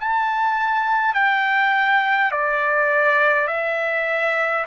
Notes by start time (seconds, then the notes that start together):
0.00 A5
1.14 G5
2.32 D5
3.48 E5